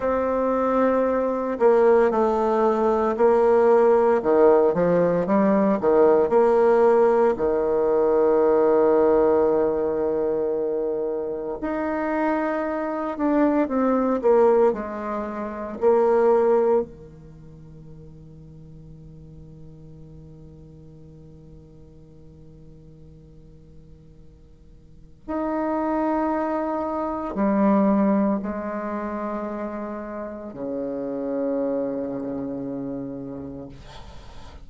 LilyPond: \new Staff \with { instrumentName = "bassoon" } { \time 4/4 \tempo 4 = 57 c'4. ais8 a4 ais4 | dis8 f8 g8 dis8 ais4 dis4~ | dis2. dis'4~ | dis'8 d'8 c'8 ais8 gis4 ais4 |
dis1~ | dis1 | dis'2 g4 gis4~ | gis4 cis2. | }